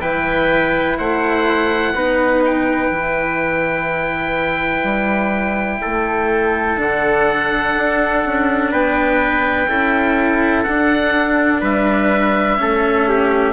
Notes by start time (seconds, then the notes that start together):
0.00 E3 E4 B4 G5
0.98 A3 C5 F#5
1.94 B3 D#4 B4
2.45 G5
2.91 E3 E4
4.83 G3
5.81 A3 A4
6.77 D3 D4 F#5
7.75 D4
8.25 C#4
8.71 B3 B4 G5
9.68 C#4 E4 A4
10.64 D4 F#5
11.60 G3 B4 E5
12.57 A3 C#4 A4
13.08 G4